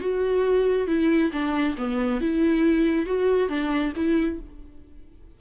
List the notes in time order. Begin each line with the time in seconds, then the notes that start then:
0.00 F#4
0.87 E4
1.32 D4
1.77 B3
2.21 E4
3.06 F#4
3.49 D4
3.95 E4